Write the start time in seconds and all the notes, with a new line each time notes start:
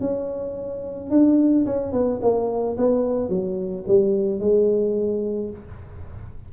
0.00 C#4
1.10 D4
1.65 C#4
1.92 B3
2.21 A#3
2.77 B3
3.29 F#3
3.87 G3
4.39 G#3